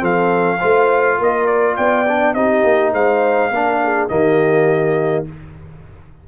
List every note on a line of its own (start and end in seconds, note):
0.00 0.60 F3
0.00 0.58 C4
0.00 0.59 A4
0.00 1.21 F5
0.59 1.20 A3
0.59 2.07 F4
0.59 1.17 C5
1.19 1.78 A#3
1.19 1.77 A#4
1.19 1.47 D#5
1.47 1.76 D5
1.77 2.35 B3
1.77 2.35 D5
1.77 2.34 G5
2.09 2.36 D4
2.34 2.64 C4
2.34 3.53 D#4
2.34 2.93 G4
2.34 2.93 D#5
2.64 2.93 A#3
2.93 3.51 G#3
2.93 3.52 C5
2.93 4.09 F5
3.51 4.09 A#3
3.51 4.10 D4
3.51 3.82 A#4
3.84 4.11 G#4
4.09 5.27 D#3
4.09 5.26 A#3
4.09 5.28 G4
4.09 5.25 D#5